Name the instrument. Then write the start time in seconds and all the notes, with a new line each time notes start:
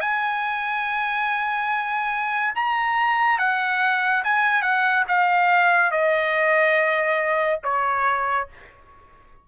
trumpet
0.00 G#5
2.55 A#5
3.38 F#5
4.24 G#5
4.62 F#5
5.07 F5
5.91 D#5
7.63 C#5